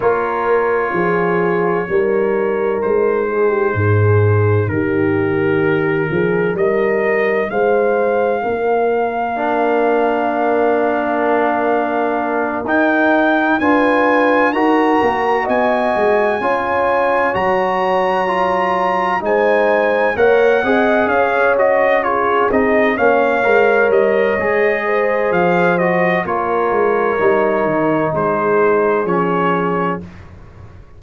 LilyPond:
<<
  \new Staff \with { instrumentName = "trumpet" } { \time 4/4 \tempo 4 = 64 cis''2. c''4~ | c''4 ais'2 dis''4 | f''1~ | f''4. g''4 gis''4 ais''8~ |
ais''8 gis''2 ais''4.~ | ais''8 gis''4 fis''4 f''8 dis''8 cis''8 | dis''8 f''4 dis''4. f''8 dis''8 | cis''2 c''4 cis''4 | }
  \new Staff \with { instrumentName = "horn" } { \time 4/4 ais'4 gis'4 ais'4. gis'16 g'16 | gis'4 g'4. gis'8 ais'4 | c''4 ais'2.~ | ais'2~ ais'8 b'4 ais'8~ |
ais'8 dis''4 cis''2~ cis''8~ | cis''8 c''4 cis''8 dis''8 cis''4 gis'8~ | gis'8 cis''2 c''4. | ais'2 gis'2 | }
  \new Staff \with { instrumentName = "trombone" } { \time 4/4 f'2 dis'2~ | dis'1~ | dis'2 d'2~ | d'4. dis'4 f'4 fis'8~ |
fis'4. f'4 fis'4 f'8~ | f'8 dis'4 ais'8 gis'4 fis'8 f'8 | dis'8 cis'8 ais'4 gis'4. fis'8 | f'4 dis'2 cis'4 | }
  \new Staff \with { instrumentName = "tuba" } { \time 4/4 ais4 f4 g4 gis4 | gis,4 dis4. f8 g4 | gis4 ais2.~ | ais4. dis'4 d'4 dis'8 |
ais8 b8 gis8 cis'4 fis4.~ | fis8 gis4 ais8 c'8 cis'4. | c'8 ais8 gis8 g8 gis4 f4 | ais8 gis8 g8 dis8 gis4 f4 | }
>>